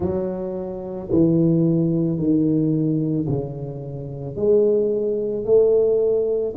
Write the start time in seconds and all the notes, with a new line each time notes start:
0.00 F#3
1.11 E3
2.18 D#3
3.28 C#3
4.36 G#3
5.44 A3